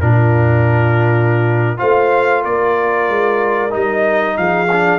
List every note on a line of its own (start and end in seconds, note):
0.00 1.78 A#2
0.00 1.77 D4
0.00 1.79 F4
0.00 1.77 A#4
1.77 2.44 A3
1.77 3.69 F4
1.77 2.41 C5
1.77 2.43 F5
2.41 3.08 A#3
2.41 4.35 A#4
2.41 3.73 D5
3.08 3.73 G#3
3.69 4.37 G3
3.69 4.66 D#4
3.69 4.37 D#5
4.37 4.99 F3
4.37 4.99 G#4
4.37 4.99 F5
4.72 4.99 D4